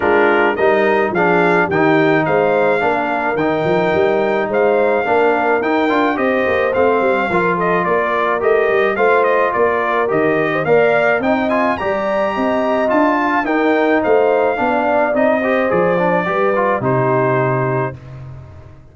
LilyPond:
<<
  \new Staff \with { instrumentName = "trumpet" } { \time 4/4 \tempo 4 = 107 ais'4 dis''4 f''4 g''4 | f''2 g''2 | f''2 g''4 dis''4 | f''4. dis''8 d''4 dis''4 |
f''8 dis''8 d''4 dis''4 f''4 | g''8 gis''8 ais''2 a''4 | g''4 f''2 dis''4 | d''2 c''2 | }
  \new Staff \with { instrumentName = "horn" } { \time 4/4 f'4 ais'4 gis'4 g'4 | c''4 ais'2. | c''4 ais'2 c''4~ | c''4 ais'8 a'8 ais'2 |
c''4 ais'4.~ ais'16 c''16 d''4 | dis''4 d''4 dis''4. f''8 | ais'4 c''4 d''4. c''8~ | c''4 b'4 g'2 | }
  \new Staff \with { instrumentName = "trombone" } { \time 4/4 d'4 dis'4 d'4 dis'4~ | dis'4 d'4 dis'2~ | dis'4 d'4 dis'8 f'8 g'4 | c'4 f'2 g'4 |
f'2 g'4 ais'4 | dis'8 f'8 g'2 f'4 | dis'2 d'4 dis'8 g'8 | gis'8 d'8 g'8 f'8 dis'2 | }
  \new Staff \with { instrumentName = "tuba" } { \time 4/4 gis4 g4 f4 dis4 | gis4 ais4 dis8 f8 g4 | gis4 ais4 dis'8 d'8 c'8 ais8 | a8 g8 f4 ais4 a8 g8 |
a4 ais4 dis4 ais4 | c'4 g4 c'4 d'4 | dis'4 a4 b4 c'4 | f4 g4 c2 | }
>>